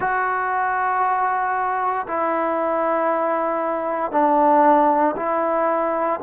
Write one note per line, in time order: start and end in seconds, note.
0.00 2.06 F#4
2.07 4.11 E4
4.11 5.14 D4
5.16 6.20 E4